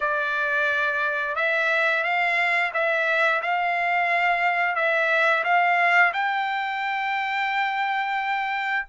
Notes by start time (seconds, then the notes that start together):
0.00 D5
1.35 E5
2.03 F5
2.73 E5
3.42 F5
4.75 E5
5.44 F5
6.13 G5